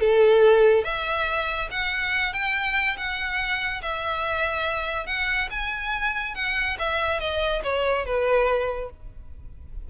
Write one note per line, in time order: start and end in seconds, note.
0.00 0.85 A4
0.85 1.69 E5
1.71 2.34 F#5
2.34 2.97 G5
2.98 3.82 F#5
3.83 5.07 E5
5.07 5.49 F#5
5.51 6.35 G#5
6.36 6.78 F#5
6.79 7.20 E5
7.20 7.63 D#5
7.64 8.06 C#5
8.06 8.91 B4